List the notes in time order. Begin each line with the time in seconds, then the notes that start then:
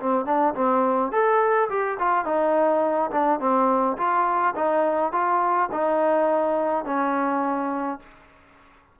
0.00 C4
0.25 D4
0.55 C4
1.12 A4
1.69 G4
1.99 F4
2.25 D#4
3.11 D4
3.40 C4
3.97 F4
4.55 D#4
5.12 F4
5.72 D#4
6.85 C#4